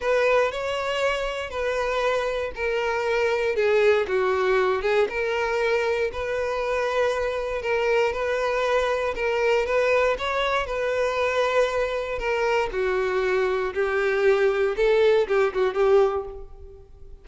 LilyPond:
\new Staff \with { instrumentName = "violin" } { \time 4/4 \tempo 4 = 118 b'4 cis''2 b'4~ | b'4 ais'2 gis'4 | fis'4. gis'8 ais'2 | b'2. ais'4 |
b'2 ais'4 b'4 | cis''4 b'2. | ais'4 fis'2 g'4~ | g'4 a'4 g'8 fis'8 g'4 | }